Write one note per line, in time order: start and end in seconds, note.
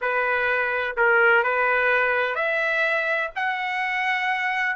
0.01 0.96 B4
0.96 1.43 A#4
1.43 2.35 B4
2.35 3.30 E5
3.35 4.76 F#5